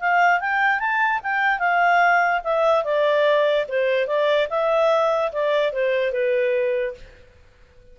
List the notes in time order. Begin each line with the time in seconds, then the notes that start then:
0.00 F5
0.40 G5
0.79 A5
1.23 G5
1.59 F5
2.44 E5
2.84 D5
3.68 C5
4.07 D5
4.50 E5
5.32 D5
5.73 C5
6.12 B4